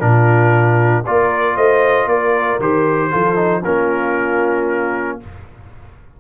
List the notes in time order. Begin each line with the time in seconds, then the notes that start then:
0.00 A#2 D4 F4 A#4
1.06 A#3 F4 A#4 D5
1.56 A3 C5 D#5
2.06 A#3 A#4 D5
2.60 D#3 G4 C5
3.10 F3 F4 A4
3.35 D#4
3.64 A#3 C#4 F4 A#4